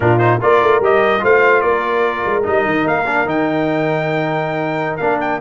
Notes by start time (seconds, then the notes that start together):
0.00 A#2 D4 F4 A#4
0.18 D#4 C5
0.41 A#3 F4 A#4 D5
0.62 A3
0.79 G3 G4 D#5
1.19 A3 F4 C5 F5
1.61 A#3 A#4 D5
2.25 G#3
2.43 G3 D#4 D#5
2.65 D#3
2.85 A#3 F5
3.06 D4
3.25 D#3 D#4 G5
4.96 A#3 D4 F5
5.20 G5